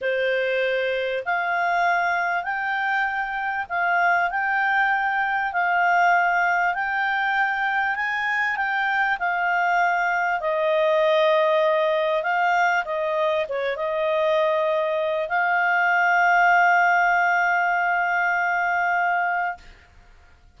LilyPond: \new Staff \with { instrumentName = "clarinet" } { \time 4/4 \tempo 4 = 98 c''2 f''2 | g''2 f''4 g''4~ | g''4 f''2 g''4~ | g''4 gis''4 g''4 f''4~ |
f''4 dis''2. | f''4 dis''4 cis''8 dis''4.~ | dis''4 f''2.~ | f''1 | }